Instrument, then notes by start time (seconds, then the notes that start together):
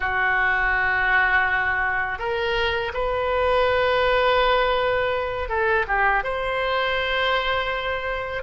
oboe
0.00 F#4
2.19 A#4
2.93 B4
5.48 A4
5.87 G4
6.23 C5